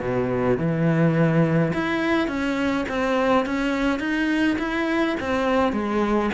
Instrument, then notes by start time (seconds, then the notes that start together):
cello
0.00 B2
0.58 E3
1.74 E4
2.28 C#4
2.89 C4
3.46 C#4
4.00 D#4
4.59 E4
5.20 C4
5.73 G#3